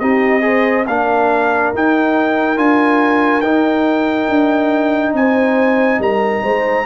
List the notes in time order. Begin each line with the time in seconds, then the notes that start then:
0.00 C4 D#4 G4 D#5
0.42 G#4 C5
0.87 A#3 D4 A#4 F5
1.74 D#4 G5
2.57 D4 F4 G#5
3.41 D#4 G5
4.29 D4
5.14 C4 C5 G#5
5.99 G3 A#4 A#5
6.43 G#3 C5